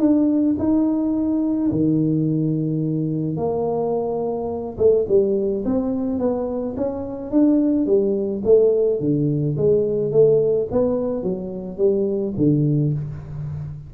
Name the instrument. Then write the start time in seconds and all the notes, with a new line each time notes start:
tuba
0.00 D4
0.59 D#4
1.72 D#3
3.37 A#3
4.78 A3
5.08 G3
5.65 C4
6.19 B3
6.77 C#4
7.31 D4
7.87 G3
8.45 A3
9.00 D3
9.57 G#3
10.12 A3
10.72 B3
11.23 F#3
11.78 G3
12.37 D3